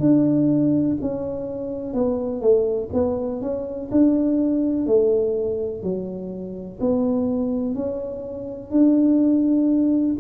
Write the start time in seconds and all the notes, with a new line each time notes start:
0.00 D4
1.01 C#4
1.94 B3
2.41 A3
2.93 B3
3.41 C#4
3.91 D4
4.86 A3
5.82 F#3
6.80 B3
7.75 C#4
8.71 D4